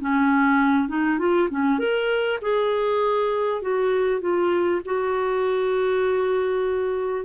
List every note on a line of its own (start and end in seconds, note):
0.00 0.88 C#4
0.88 1.18 D#4
1.18 1.49 F4
1.50 1.79 C#4
1.79 2.39 A#4
2.42 3.61 G#4
3.61 4.21 F#4
4.21 4.81 F4
4.85 7.25 F#4